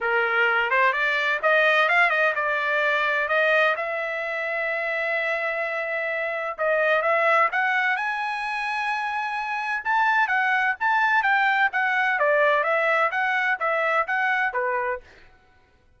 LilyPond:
\new Staff \with { instrumentName = "trumpet" } { \time 4/4 \tempo 4 = 128 ais'4. c''8 d''4 dis''4 | f''8 dis''8 d''2 dis''4 | e''1~ | e''2 dis''4 e''4 |
fis''4 gis''2.~ | gis''4 a''4 fis''4 a''4 | g''4 fis''4 d''4 e''4 | fis''4 e''4 fis''4 b'4 | }